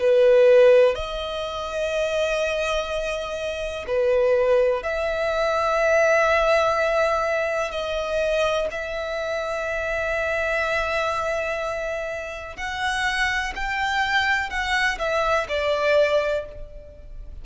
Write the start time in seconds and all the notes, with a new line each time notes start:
0.00 B4
0.95 D#5
3.88 B4
4.83 E5
7.72 D#5
8.72 E5
12.57 F#5
13.56 G5
14.50 F#5
14.99 E5
15.49 D5